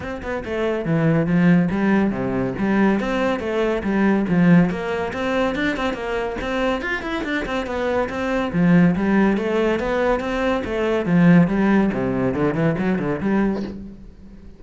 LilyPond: \new Staff \with { instrumentName = "cello" } { \time 4/4 \tempo 4 = 141 c'8 b8 a4 e4 f4 | g4 c4 g4 c'4 | a4 g4 f4 ais4 | c'4 d'8 c'8 ais4 c'4 |
f'8 e'8 d'8 c'8 b4 c'4 | f4 g4 a4 b4 | c'4 a4 f4 g4 | c4 d8 e8 fis8 d8 g4 | }